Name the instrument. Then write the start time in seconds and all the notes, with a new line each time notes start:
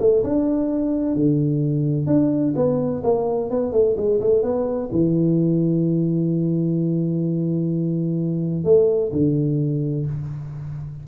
tuba
0.00 A3
0.24 D4
1.16 D3
2.07 D4
2.56 B3
3.04 A#3
3.51 B3
3.73 A3
3.97 G#3
4.21 A3
4.43 B3
4.92 E3
8.65 A3
9.13 D3